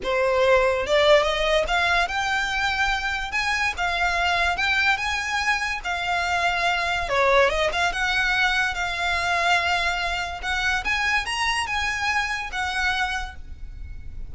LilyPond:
\new Staff \with { instrumentName = "violin" } { \time 4/4 \tempo 4 = 144 c''2 d''4 dis''4 | f''4 g''2. | gis''4 f''2 g''4 | gis''2 f''2~ |
f''4 cis''4 dis''8 f''8 fis''4~ | fis''4 f''2.~ | f''4 fis''4 gis''4 ais''4 | gis''2 fis''2 | }